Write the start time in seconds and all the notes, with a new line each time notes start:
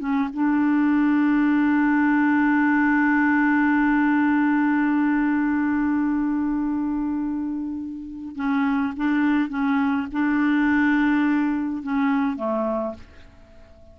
0.00 C#4
0.34 D4
8.36 C#4
8.97 D4
9.50 C#4
10.12 D4
11.83 C#4
12.37 A3